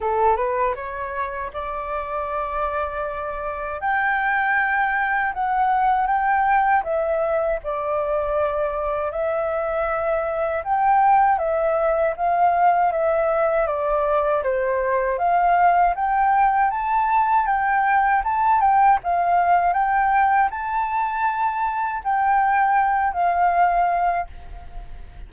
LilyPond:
\new Staff \with { instrumentName = "flute" } { \time 4/4 \tempo 4 = 79 a'8 b'8 cis''4 d''2~ | d''4 g''2 fis''4 | g''4 e''4 d''2 | e''2 g''4 e''4 |
f''4 e''4 d''4 c''4 | f''4 g''4 a''4 g''4 | a''8 g''8 f''4 g''4 a''4~ | a''4 g''4. f''4. | }